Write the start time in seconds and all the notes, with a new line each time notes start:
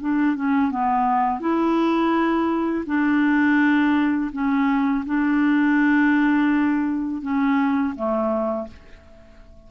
0.00 D4
0.35 C#4
0.71 B3
1.40 E4
2.86 D4
4.32 C#4
5.06 D4
7.22 C#4
7.95 A3